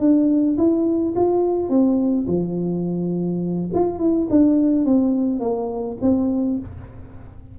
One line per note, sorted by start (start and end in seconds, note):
0.00 0.57 D4
0.58 1.15 E4
1.16 1.70 F4
1.70 2.27 C4
2.28 3.70 F3
3.75 3.99 F4
3.99 4.28 E4
4.30 4.85 D4
4.85 5.41 C4
5.41 5.98 A#3
6.02 6.59 C4